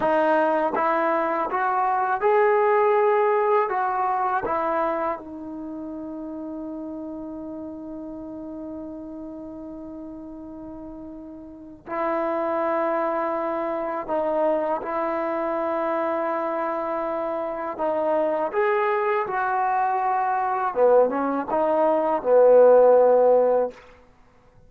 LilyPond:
\new Staff \with { instrumentName = "trombone" } { \time 4/4 \tempo 4 = 81 dis'4 e'4 fis'4 gis'4~ | gis'4 fis'4 e'4 dis'4~ | dis'1~ | dis'1 |
e'2. dis'4 | e'1 | dis'4 gis'4 fis'2 | b8 cis'8 dis'4 b2 | }